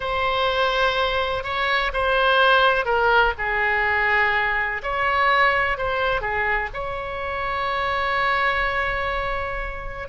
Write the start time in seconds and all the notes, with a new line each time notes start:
0.00 C5
1.43 C#5
1.93 C5
2.85 A#4
3.38 G#4
4.82 C#5
5.77 C5
6.21 G#4
6.73 C#5